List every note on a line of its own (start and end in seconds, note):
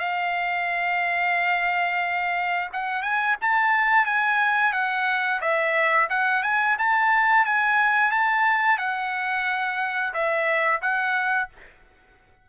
0.00 2.70 F5
2.74 3.03 F#5
3.03 3.36 G#5
3.42 4.06 A5
4.06 4.73 G#5
4.73 5.41 F#5
5.41 6.09 E5
6.10 6.44 F#5
6.44 6.77 G#5
6.79 7.46 A5
7.46 8.11 G#5
8.11 8.79 A5
8.79 10.13 F#5
10.14 10.81 E5
10.82 11.49 F#5